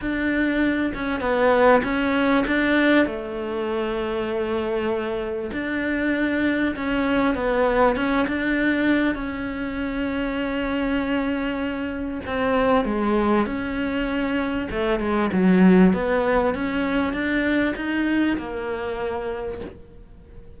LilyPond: \new Staff \with { instrumentName = "cello" } { \time 4/4 \tempo 4 = 98 d'4. cis'8 b4 cis'4 | d'4 a2.~ | a4 d'2 cis'4 | b4 cis'8 d'4. cis'4~ |
cis'1 | c'4 gis4 cis'2 | a8 gis8 fis4 b4 cis'4 | d'4 dis'4 ais2 | }